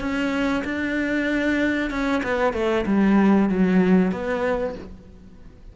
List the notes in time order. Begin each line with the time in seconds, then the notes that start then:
0.00 C#4
0.64 D4
1.91 C#4
2.23 B3
2.53 A3
2.86 G3
3.49 F#3
4.12 B3